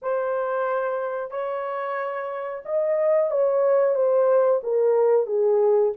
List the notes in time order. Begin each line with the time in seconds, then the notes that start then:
0.02 C5
1.30 C#5
2.65 D#5
3.31 C#5
3.95 C5
4.63 A#4
5.26 G#4